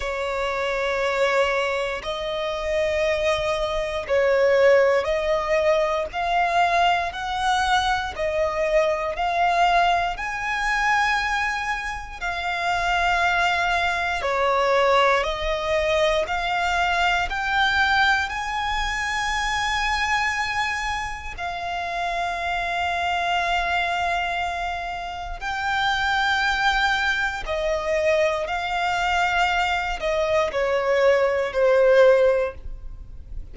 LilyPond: \new Staff \with { instrumentName = "violin" } { \time 4/4 \tempo 4 = 59 cis''2 dis''2 | cis''4 dis''4 f''4 fis''4 | dis''4 f''4 gis''2 | f''2 cis''4 dis''4 |
f''4 g''4 gis''2~ | gis''4 f''2.~ | f''4 g''2 dis''4 | f''4. dis''8 cis''4 c''4 | }